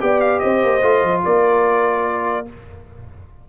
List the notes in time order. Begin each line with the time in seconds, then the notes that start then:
0.00 B3 G4 D5 G5
0.21 F5
0.40 C4 C5 D#5
0.64 A#3
0.82 A3 F4
1.03 F3
1.25 A#3 A#4 D5